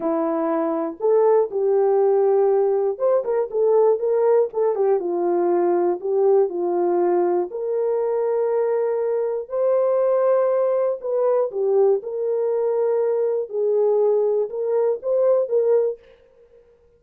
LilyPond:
\new Staff \with { instrumentName = "horn" } { \time 4/4 \tempo 4 = 120 e'2 a'4 g'4~ | g'2 c''8 ais'8 a'4 | ais'4 a'8 g'8 f'2 | g'4 f'2 ais'4~ |
ais'2. c''4~ | c''2 b'4 g'4 | ais'2. gis'4~ | gis'4 ais'4 c''4 ais'4 | }